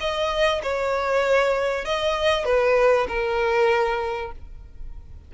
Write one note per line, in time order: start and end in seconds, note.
0.00 0.62 D#5
0.62 1.85 C#5
1.85 2.45 D#5
2.45 3.07 B4
3.08 4.32 A#4